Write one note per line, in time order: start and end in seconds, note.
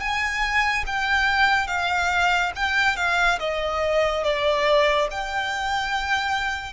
0.00 0.85 G#5
0.86 1.67 G5
1.67 2.52 F5
2.56 2.97 G5
2.97 3.39 F5
3.40 4.24 D#5
4.24 5.09 D5
5.11 6.73 G5